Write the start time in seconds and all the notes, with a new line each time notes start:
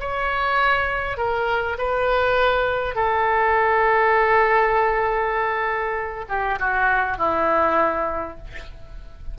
0.00 C#5
1.18 A#4
1.78 B4
2.95 A4
6.29 G4
6.59 F#4
7.18 E4